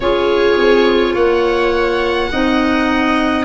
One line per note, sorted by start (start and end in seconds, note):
0.00 0.57 C#4
0.00 2.32 F4
0.00 1.13 G#4
0.00 1.15 C#5
0.57 1.14 C4
1.13 2.30 A#3
1.13 2.28 C#5
1.13 3.44 F#5
2.31 3.44 C4
2.31 3.44 D#4
2.31 3.44 D#5